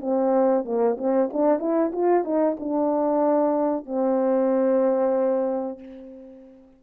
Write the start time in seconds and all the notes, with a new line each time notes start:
0.00 C4
0.65 A#3
0.98 C4
1.33 D4
1.59 E4
1.92 F4
2.24 D#4
2.60 D4
3.85 C4